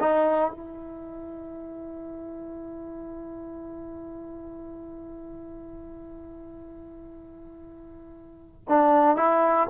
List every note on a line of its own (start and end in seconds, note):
0.00 0.50 D#4
0.50 8.64 E4
8.69 9.16 D4
9.16 9.67 E4